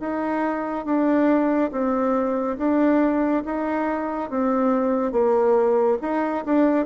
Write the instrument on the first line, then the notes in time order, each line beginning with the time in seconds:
bassoon
0.00 D#4
0.85 D4
1.71 C4
2.58 D4
3.46 D#4
4.30 C4
5.12 A#3
6.02 D#4
6.45 D4